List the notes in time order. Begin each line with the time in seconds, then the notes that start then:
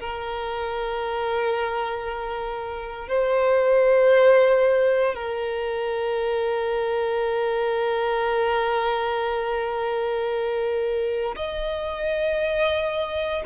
0.00 A#4
3.08 C5
5.15 A#4
11.36 D#5